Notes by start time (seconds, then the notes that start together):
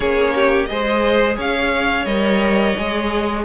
0.00 A#3 C#4 G#4 C#5
0.34 G4
0.66 G#3 G#4 C5 D#5
1.36 C#4 C#5 F5
2.05 G3 A#4 D#5
2.77 G#3 G#4